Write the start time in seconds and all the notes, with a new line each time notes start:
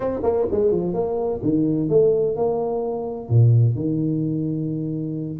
0.00 C4
0.23 A#3
0.51 G#3
0.71 F3
0.93 A#3
1.43 D#3
1.89 A3
2.36 A#3
3.29 A#2
3.75 D#3